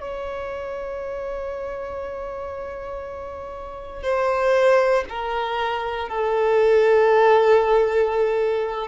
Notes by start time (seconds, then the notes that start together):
0.00 C#5
4.03 C5
5.09 A#4
6.09 A4